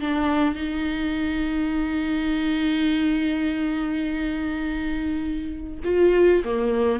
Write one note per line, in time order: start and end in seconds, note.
0.00 0.55 D4
0.55 5.79 D#4
5.84 6.43 F4
6.44 6.99 A#3